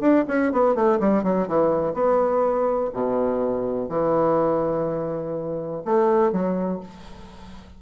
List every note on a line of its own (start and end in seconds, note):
0.00 0.24 D4
0.28 0.52 C#4
0.52 0.75 B3
0.75 0.99 A3
1.00 1.23 G3
1.23 1.47 F#3
1.48 1.94 E3
1.94 2.91 B3
2.93 3.89 B2
3.89 5.83 E3
5.85 6.32 A3
6.32 6.80 F#3